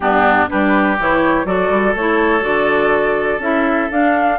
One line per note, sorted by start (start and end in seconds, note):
0.00 0.45 G2
0.00 0.48 B3
0.00 0.49 D4
0.00 0.47 G4
0.48 0.99 G3
0.48 0.97 D4
0.48 1.46 G4
0.48 0.97 B4
0.99 1.45 E3
0.99 1.45 E4
0.99 1.46 C#5
1.45 1.69 F#3
1.45 1.94 F#4
1.45 4.38 A4
1.45 1.94 D5
1.69 1.93 G3
1.95 2.43 A3
1.95 2.40 E4
1.95 2.43 C#5
2.40 3.38 D3
2.40 3.38 F#4
2.40 3.41 D5
3.38 3.87 C#4
3.38 3.90 E4
3.38 3.90 E5
3.91 4.38 D4
3.91 4.38 F5